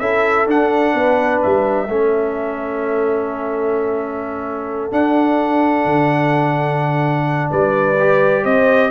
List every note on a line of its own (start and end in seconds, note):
0.00 0.47 C#4
0.00 0.48 E4
0.00 0.95 A4
0.00 0.47 E5
0.47 0.94 D4
0.47 1.89 D4
0.47 1.42 F#5
0.94 1.41 B3
0.94 1.87 B4
1.42 1.88 G3
1.42 4.93 E5
1.87 4.92 A3
1.87 4.91 C#4
1.87 7.50 A4
4.91 7.96 D4
4.91 5.86 D4
4.91 7.51 F#5
5.86 7.50 D3
7.51 8.45 G3
7.51 8.44 B4
7.51 8.45 D5
8.00 8.91 G4
8.44 8.91 C4
8.44 8.91 C5
8.44 8.91 D#5